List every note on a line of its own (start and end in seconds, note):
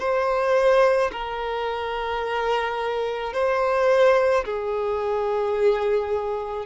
0.00 1.11 C5
1.12 3.34 A#4
3.34 4.45 C5
4.45 6.66 G#4